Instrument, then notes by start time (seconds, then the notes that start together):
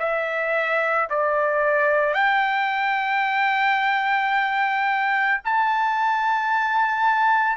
trumpet
0.00 E5
1.11 D5
2.14 G5
5.45 A5